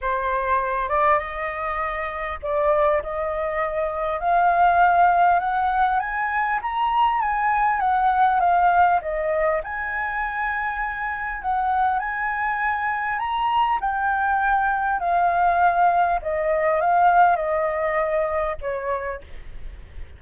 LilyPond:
\new Staff \with { instrumentName = "flute" } { \time 4/4 \tempo 4 = 100 c''4. d''8 dis''2 | d''4 dis''2 f''4~ | f''4 fis''4 gis''4 ais''4 | gis''4 fis''4 f''4 dis''4 |
gis''2. fis''4 | gis''2 ais''4 g''4~ | g''4 f''2 dis''4 | f''4 dis''2 cis''4 | }